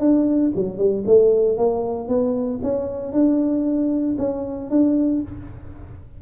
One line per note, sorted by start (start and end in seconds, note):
0.00 0.52 D4
0.55 0.78 F#3
0.78 1.04 G3
1.07 1.57 A3
1.57 2.08 A#3
2.08 2.60 B3
2.63 3.13 C#4
3.13 4.16 D4
4.18 4.70 C#4
4.70 5.22 D4